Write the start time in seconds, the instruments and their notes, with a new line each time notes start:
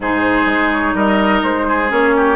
0.00 bassoon G#2, clarinet D#4, oboe G#4, flute C5
0.45 bassoon G#3
0.72 flute C#5
0.94 bassoon G3, oboe A#4, flute D#5
1.43 bassoon G#3, flute C5
1.67 oboe G#4
1.89 bassoon A#3, clarinet C#4, flute C#5
2.16 oboe G4